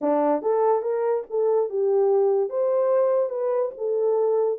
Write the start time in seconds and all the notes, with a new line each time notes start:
0.01 D4
0.42 A4
0.81 A#4
1.30 A4
1.69 G4
2.49 C5
3.29 B4
3.77 A4